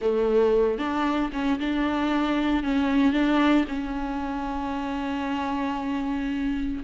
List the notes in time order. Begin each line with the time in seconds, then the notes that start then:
0.01 A3
0.78 D4
1.32 C#4
1.59 D4
2.63 C#4
3.12 D4
3.67 C#4